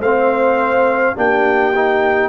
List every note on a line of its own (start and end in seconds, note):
0.00 1.15 A3
0.00 1.16 C4
0.00 1.16 C5
0.00 1.18 F5
1.16 2.29 A#3
1.16 1.74 D4
1.16 2.29 G4
1.16 2.29 G5
1.76 2.29 D#4